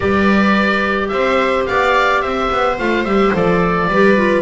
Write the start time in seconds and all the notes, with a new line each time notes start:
0.00 G3 G4 B4 D5
1.08 C4 C5 E5
1.66 B3 D5 F5
2.21 C4 C5 E5
2.51 B3
2.78 A3 F4 F5
3.03 G3 G4 E5
3.33 F3 A4 D5
3.87 G3 G4 B4
4.16 F4